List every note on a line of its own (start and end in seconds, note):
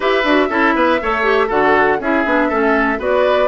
0.00 0.24 E4
0.00 0.24 G4
0.00 0.48 B4
0.00 1.50 E5
0.24 0.49 D4
0.24 0.49 F#4
0.49 0.74 C#4
0.49 0.99 E4
0.49 0.74 A4
0.74 0.99 B3
0.74 1.00 B4
1.01 1.50 A3
1.01 1.23 A4
1.01 1.47 C#5
1.23 1.48 G4
1.47 1.99 D3
1.47 1.99 F#4
1.47 1.97 A4
1.47 2.00 F#5
1.99 2.24 C#4
1.99 2.25 E4
1.99 2.48 G#4
1.99 3.01 E5
2.25 2.50 B3
2.25 2.50 D4
2.48 2.98 A3
2.48 2.98 C#4
2.48 2.98 A4
2.98 3.48 B3
2.98 3.48 F#4
2.98 3.48 B4
2.98 3.48 D5